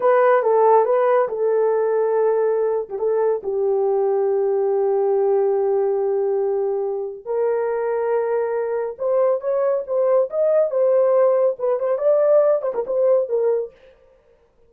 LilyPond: \new Staff \with { instrumentName = "horn" } { \time 4/4 \tempo 4 = 140 b'4 a'4 b'4 a'4~ | a'2~ a'8. g'16 a'4 | g'1~ | g'1~ |
g'4 ais'2.~ | ais'4 c''4 cis''4 c''4 | dis''4 c''2 b'8 c''8 | d''4. c''16 ais'16 c''4 ais'4 | }